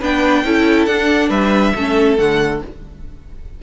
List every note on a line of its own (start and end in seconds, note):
0.00 0.45 B3
0.00 0.45 D4
0.00 0.43 B4
0.00 0.86 G5
0.45 0.87 C#4
0.45 0.89 E4
0.45 1.30 A4
0.86 1.30 D4
0.86 1.76 D4
0.86 1.29 F#5
1.30 1.73 G3
1.30 1.73 B4
1.30 2.17 E5
1.75 2.18 A3
1.75 2.18 C#4
1.75 2.63 A4
2.18 2.62 D3
2.18 2.61 A3
2.18 2.62 F#5